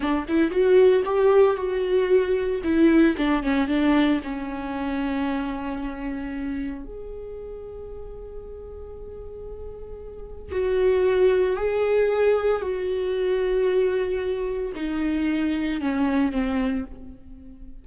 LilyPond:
\new Staff \with { instrumentName = "viola" } { \time 4/4 \tempo 4 = 114 d'8 e'8 fis'4 g'4 fis'4~ | fis'4 e'4 d'8 cis'8 d'4 | cis'1~ | cis'4 gis'2.~ |
gis'1 | fis'2 gis'2 | fis'1 | dis'2 cis'4 c'4 | }